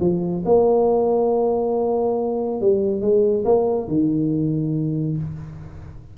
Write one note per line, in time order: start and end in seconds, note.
0.00 0.43 F3
0.45 2.61 A#3
2.61 3.01 G3
3.01 3.44 G#3
3.45 3.88 A#3
3.88 5.17 D#3